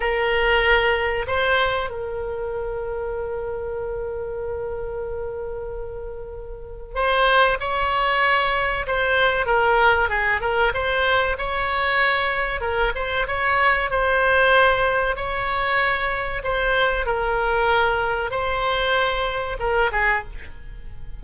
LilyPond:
\new Staff \with { instrumentName = "oboe" } { \time 4/4 \tempo 4 = 95 ais'2 c''4 ais'4~ | ais'1~ | ais'2. c''4 | cis''2 c''4 ais'4 |
gis'8 ais'8 c''4 cis''2 | ais'8 c''8 cis''4 c''2 | cis''2 c''4 ais'4~ | ais'4 c''2 ais'8 gis'8 | }